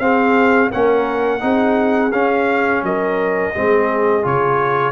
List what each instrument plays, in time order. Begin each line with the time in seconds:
0.00 tuba C4, trombone C4, horn G#4, trumpet F5
0.71 tuba A#3, trombone C#4, horn A#4, trumpet F#5
1.40 tuba C4, trombone D#4, horn G#4
2.12 tuba C#4, trombone C#4, trumpet F5
2.83 tuba F#3, horn A#4, trumpet D#5
3.54 tuba G#3, trombone C4, horn G#4
4.23 tuba C#3, trombone F4, trumpet C#5